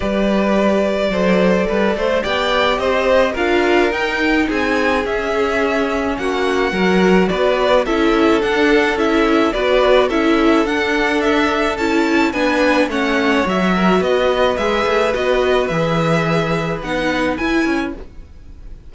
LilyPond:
<<
  \new Staff \with { instrumentName = "violin" } { \time 4/4 \tempo 4 = 107 d''1 | g''4 dis''4 f''4 g''4 | gis''4 e''2 fis''4~ | fis''4 d''4 e''4 fis''4 |
e''4 d''4 e''4 fis''4 | e''4 a''4 gis''4 fis''4 | e''4 dis''4 e''4 dis''4 | e''2 fis''4 gis''4 | }
  \new Staff \with { instrumentName = "violin" } { \time 4/4 b'2 c''4 b'8 c''8 | d''4 c''4 ais'2 | gis'2. fis'4 | ais'4 b'4 a'2~ |
a'4 b'4 a'2~ | a'2 b'4 cis''4~ | cis''8 ais'8 b'2.~ | b'1 | }
  \new Staff \with { instrumentName = "viola" } { \time 4/4 g'2 a'2 | g'2 f'4 dis'4~ | dis'4 cis'2. | fis'2 e'4 d'4 |
e'4 fis'4 e'4 d'4~ | d'4 e'4 d'4 cis'4 | fis'2 gis'4 fis'4 | gis'2 dis'4 e'4 | }
  \new Staff \with { instrumentName = "cello" } { \time 4/4 g2 fis4 g8 a8 | b4 c'4 d'4 dis'4 | c'4 cis'2 ais4 | fis4 b4 cis'4 d'4 |
cis'4 b4 cis'4 d'4~ | d'4 cis'4 b4 a4 | fis4 b4 gis8 a8 b4 | e2 b4 e'8 cis'8 | }
>>